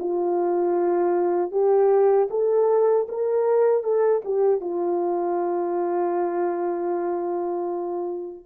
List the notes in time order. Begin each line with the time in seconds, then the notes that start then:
0.00 F4
1.52 G4
2.31 A4
3.09 A#4
3.84 A4
4.25 G4
4.61 F4